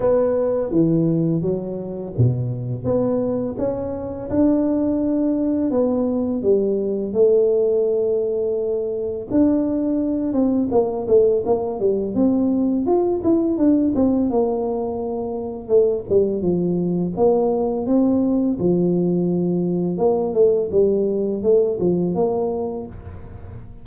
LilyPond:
\new Staff \with { instrumentName = "tuba" } { \time 4/4 \tempo 4 = 84 b4 e4 fis4 b,4 | b4 cis'4 d'2 | b4 g4 a2~ | a4 d'4. c'8 ais8 a8 |
ais8 g8 c'4 f'8 e'8 d'8 c'8 | ais2 a8 g8 f4 | ais4 c'4 f2 | ais8 a8 g4 a8 f8 ais4 | }